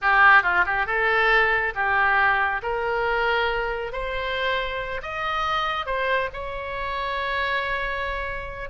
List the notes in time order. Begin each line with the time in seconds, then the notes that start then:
0.01 G4
0.42 F4
0.65 G4
0.86 A4
1.74 G4
2.62 A#4
3.92 C5
5.02 D#5
5.86 C5
6.33 C#5